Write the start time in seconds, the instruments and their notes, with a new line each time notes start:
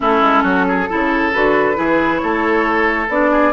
0.00 bassoon A3, clarinet C#4, oboe E4, flute A4
0.21 bassoon G#3
0.43 bassoon F#3, oboe F#4
0.68 oboe G#4
0.88 bassoon C#3, clarinet E4, oboe A4
1.33 bassoon D3, clarinet F#4, flute B4
1.74 bassoon E3, clarinet E4, oboe G#4
2.17 bassoon A3, oboe A4, flute C#5
3.08 bassoon B3, clarinet D4, flute D5
3.31 oboe G#4